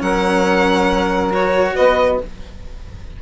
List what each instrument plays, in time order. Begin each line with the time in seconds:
0.00 bassoon F#3, cello C#4, saxophone A#4, violin F#5
1.30 cello F#4, violin C#5
1.73 bassoon B3, saxophone B4, violin D#5